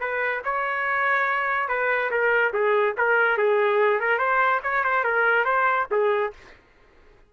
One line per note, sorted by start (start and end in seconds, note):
0.00 0.42 B4
0.44 1.68 C#5
1.68 2.10 B4
2.10 2.52 A#4
2.53 2.95 G#4
2.97 3.37 A#4
3.37 4.00 G#4
4.00 4.18 A#4
4.18 4.60 C5
4.63 4.84 C#5
4.84 5.04 C5
5.04 5.45 A#4
5.45 5.86 C5
5.91 6.33 G#4